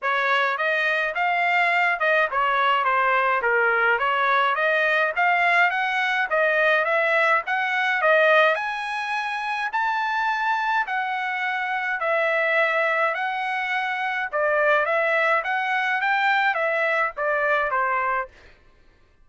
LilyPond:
\new Staff \with { instrumentName = "trumpet" } { \time 4/4 \tempo 4 = 105 cis''4 dis''4 f''4. dis''8 | cis''4 c''4 ais'4 cis''4 | dis''4 f''4 fis''4 dis''4 | e''4 fis''4 dis''4 gis''4~ |
gis''4 a''2 fis''4~ | fis''4 e''2 fis''4~ | fis''4 d''4 e''4 fis''4 | g''4 e''4 d''4 c''4 | }